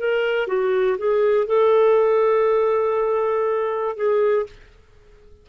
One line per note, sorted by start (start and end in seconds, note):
0.00 0.47 A#4
0.47 0.97 F#4
0.98 1.47 G#4
1.47 3.97 A4
3.97 4.47 G#4